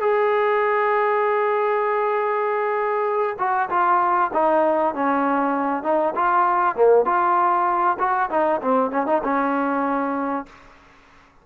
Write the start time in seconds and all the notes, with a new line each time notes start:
0.00 G#4
3.38 F#4
3.70 F4
4.33 D#4
4.94 C#4
5.83 D#4
6.15 F4
6.75 A#3
7.05 F4
7.99 F#4
8.30 D#4
8.61 C4
8.91 C#4
9.06 D#4
9.23 C#4